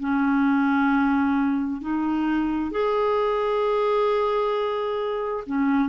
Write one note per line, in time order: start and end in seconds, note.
0.00 1.81 C#4
1.81 2.71 D#4
2.71 5.44 G#4
5.47 5.89 C#4